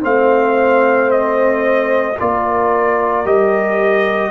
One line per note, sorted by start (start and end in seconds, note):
0.00 2.18 A3
0.00 2.14 C4
0.00 2.17 C5
0.00 1.11 F5
1.11 2.18 D#5
2.19 3.25 A#3
2.19 3.25 F4
2.19 4.30 A#4
2.19 3.26 D5
3.25 4.30 G3
3.25 4.30 G4
3.25 4.30 D#5